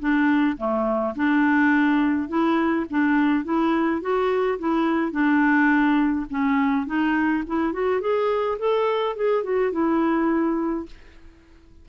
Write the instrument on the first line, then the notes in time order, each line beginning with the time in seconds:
clarinet
0.00 D4
0.57 A3
1.16 D4
2.29 E4
2.90 D4
3.45 E4
4.02 F#4
4.59 E4
5.12 D4
6.30 C#4
6.87 D#4
7.47 E4
7.73 F#4
8.01 G#4
8.59 A4
9.16 G#4
9.44 F#4
9.72 E4